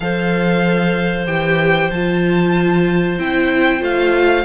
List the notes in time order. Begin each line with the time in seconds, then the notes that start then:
0.00 F3 A4 C5 F5
1.26 E3 G4 G5
1.90 F3 F4 A5
3.18 C4 E4 G5
3.79 A3 F4 F5